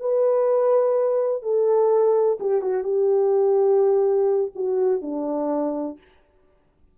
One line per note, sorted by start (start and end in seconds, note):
0.00 1.43 B4
1.43 2.39 A4
2.40 2.62 G4
2.62 2.84 F#4
2.84 4.52 G4
4.55 5.02 F#4
5.02 5.98 D4